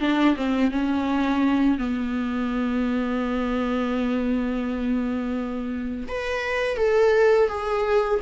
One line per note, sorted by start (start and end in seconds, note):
0.00 0.36 D4
0.36 0.71 C4
0.71 1.78 C#4
1.78 6.07 B3
6.08 6.77 B4
6.77 7.48 A4
7.48 8.20 G#4